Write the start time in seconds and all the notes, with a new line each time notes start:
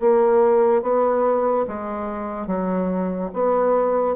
0.00 A#3
0.82 B3
1.67 G#3
2.47 F#3
3.33 B3